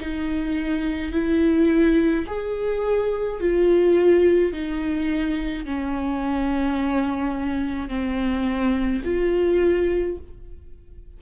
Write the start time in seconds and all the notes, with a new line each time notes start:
0.00 D#4
1.13 E4
2.27 G#4
3.41 F4
4.53 D#4
5.66 C#4
7.89 C4
9.05 F4